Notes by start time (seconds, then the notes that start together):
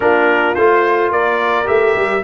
0.00 A#3 D4 F4 A#4
0.54 A3 F4 C5
1.11 A#3 A#4 D5
1.64 A3 G4 E5
1.95 G3